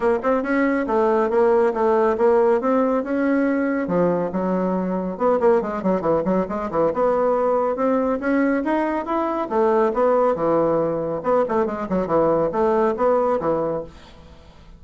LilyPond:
\new Staff \with { instrumentName = "bassoon" } { \time 4/4 \tempo 4 = 139 ais8 c'8 cis'4 a4 ais4 | a4 ais4 c'4 cis'4~ | cis'4 f4 fis2 | b8 ais8 gis8 fis8 e8 fis8 gis8 e8 |
b2 c'4 cis'4 | dis'4 e'4 a4 b4 | e2 b8 a8 gis8 fis8 | e4 a4 b4 e4 | }